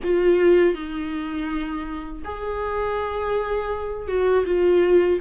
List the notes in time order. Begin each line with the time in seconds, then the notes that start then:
0.03 F4
0.74 D#4
2.24 G#4
4.07 F#4
4.45 F4